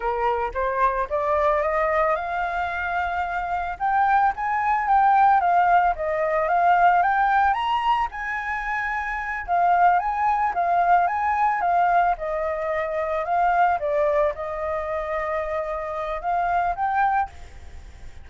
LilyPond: \new Staff \with { instrumentName = "flute" } { \time 4/4 \tempo 4 = 111 ais'4 c''4 d''4 dis''4 | f''2. g''4 | gis''4 g''4 f''4 dis''4 | f''4 g''4 ais''4 gis''4~ |
gis''4. f''4 gis''4 f''8~ | f''8 gis''4 f''4 dis''4.~ | dis''8 f''4 d''4 dis''4.~ | dis''2 f''4 g''4 | }